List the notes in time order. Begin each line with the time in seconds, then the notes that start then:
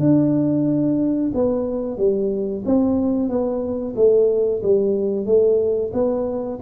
0.00 D4
1.34 B3
1.98 G3
2.66 C4
3.29 B3
3.96 A3
4.62 G3
5.26 A3
5.93 B3